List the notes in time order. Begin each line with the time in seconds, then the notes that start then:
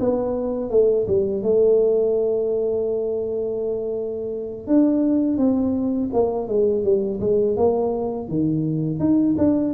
0.00 B3
0.70 A3
1.07 G3
1.43 A3
4.67 D4
5.37 C4
6.13 A#3
6.48 G#3
6.84 G3
7.20 G#3
7.56 A#3
8.28 D#3
8.99 D#4
9.38 D4